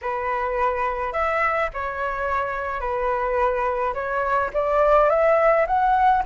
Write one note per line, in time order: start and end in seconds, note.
0.01 1.12 B4
1.12 1.69 E5
1.73 2.80 C#5
2.80 3.93 B4
3.93 4.50 C#5
4.53 5.09 D5
5.09 5.66 E5
5.66 6.23 F#5